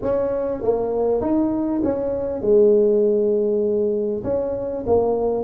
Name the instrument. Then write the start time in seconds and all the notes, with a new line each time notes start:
tuba
0.02 C#4
0.62 A#3
1.21 D#4
1.83 C#4
2.41 G#3
4.23 C#4
4.86 A#3